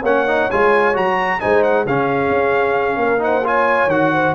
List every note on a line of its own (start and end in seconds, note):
0.00 0.48 A#3
0.00 0.28 C#4
0.00 1.36 C#5
0.00 0.51 F#5
0.28 0.50 D#4
0.51 0.97 G#3
0.51 0.94 F4
0.51 0.96 G#5
0.94 1.42 F#3
0.94 1.40 F#4
0.94 1.40 A#5
1.40 1.86 G#3
1.40 1.86 D#4
1.40 1.85 C5
1.40 1.63 G#5
1.63 1.86 F#5
1.85 2.30 C#3
1.85 3.19 C#4
1.85 2.98 G#4
1.85 3.24 F5
2.30 2.97 C#4
2.97 3.87 A#3
2.97 3.22 A#4
3.19 3.42 D#4
3.19 3.46 C5
3.19 3.46 F#5
3.44 3.90 F4
3.44 4.13 C#5
3.44 3.90 G#5
3.87 4.33 D#3
3.87 4.35 F#4
3.87 4.35 F#5
4.13 4.35 C5